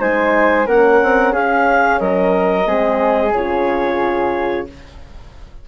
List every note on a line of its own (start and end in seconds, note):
0.00 0.67 G#3
0.00 0.67 D#4
0.00 0.67 C5
0.00 0.68 G#5
0.67 1.01 A#3
0.67 2.65 C#4
0.67 1.33 A#4
0.67 1.34 F#5
1.03 1.33 C4
1.33 2.00 C#4
1.33 1.99 G#4
1.33 2.00 F5
2.00 2.67 F#3
2.00 2.67 A#4
2.00 3.33 D#5
2.65 3.33 G#3
2.65 3.32 C4
2.65 4.68 G#4
3.33 4.66 C#3
3.33 4.69 F4
3.33 4.67 C#5